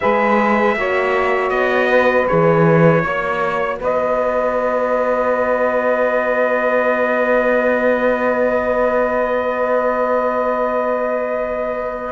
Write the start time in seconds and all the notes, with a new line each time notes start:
0.00 G#3 G#4 B4 E5
0.76 A#3 F#4 C#5
1.50 B3 D#5
1.89 B4
2.27 E3 G#4 C#5
3.01 A#3 F#4 C#5
3.79 B3 B4 D#5